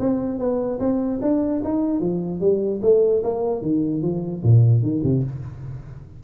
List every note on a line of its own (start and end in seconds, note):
0.00 0.39 C4
0.39 0.79 B3
0.80 1.20 C4
1.22 1.62 D4
1.64 2.00 D#4
2.00 2.41 F3
2.41 2.81 G3
2.82 3.23 A3
3.24 3.62 A#3
3.62 4.02 D#3
4.02 4.43 F3
4.44 4.83 A#2
4.83 5.03 D#3
5.04 5.24 C3